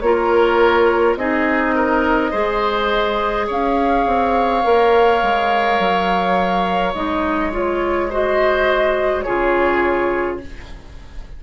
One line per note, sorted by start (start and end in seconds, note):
0.00 1.16 A#3
0.00 1.19 F4
0.00 1.19 A#4
0.00 1.15 C#5
1.16 2.31 C4
1.16 2.33 D#4
1.16 1.75 G#4
1.16 3.48 D#5
1.75 2.31 A#4
2.31 3.49 G#3
2.31 4.63 G#4
2.31 3.46 C5
3.47 4.07 C#4
3.47 8.09 C#5
3.47 6.94 F5
4.07 4.64 C4
4.64 5.23 A#3
4.64 6.94 A#4
5.23 5.79 G#3
5.79 6.95 F#3
6.94 9.26 G#3
6.94 7.52 D#4
6.94 7.52 D#5
7.52 8.09 F4
7.52 8.12 C#5
8.10 9.26 F#4
8.10 9.25 C5
8.10 9.22 D#5
9.22 10.43 C#3
9.22 10.41 F4
9.22 10.40 G#4
9.22 10.37 C#5